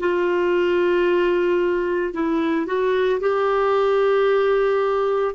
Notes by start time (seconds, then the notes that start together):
0.00 F4
2.13 E4
2.66 F#4
3.20 G4